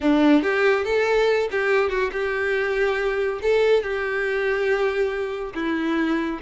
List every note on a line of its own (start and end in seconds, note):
0.00 0.42 D4
0.42 0.84 G4
0.84 1.48 A4
1.51 1.89 G4
1.89 2.10 F#4
2.12 3.39 G4
3.42 3.83 A4
3.83 5.53 G4
5.54 6.39 E4